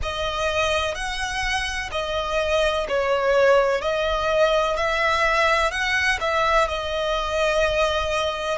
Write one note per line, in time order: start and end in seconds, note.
0.02 0.94 D#5
0.94 1.90 F#5
1.91 2.86 D#5
2.88 3.81 C#5
3.81 4.76 D#5
4.76 5.71 E5
5.71 6.18 F#5
6.20 6.68 E5
6.68 8.58 D#5